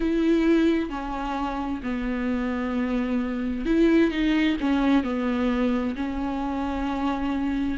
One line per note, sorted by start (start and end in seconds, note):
0.00 0.89 E4
0.89 1.81 C#4
1.82 3.65 B3
3.65 4.11 E4
4.11 4.57 D#4
4.60 5.03 C#4
5.03 5.95 B3
5.95 7.78 C#4